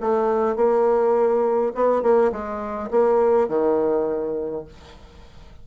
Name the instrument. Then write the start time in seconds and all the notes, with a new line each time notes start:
bassoon
0.00 A3
0.56 A#3
1.74 B3
2.02 A#3
2.31 G#3
2.91 A#3
3.48 D#3